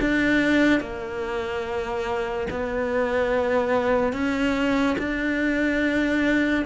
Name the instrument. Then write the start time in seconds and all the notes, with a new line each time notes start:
cello
0.00 D4
0.80 A#3
2.50 B3
4.13 C#4
4.98 D4